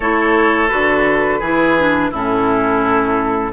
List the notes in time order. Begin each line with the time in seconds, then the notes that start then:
0.00 A3 E4 A4 C#5
0.68 D3 F#4 B4
1.39 E3 E4 G#4
1.77 D4
2.10 A2 C#4 E4 A4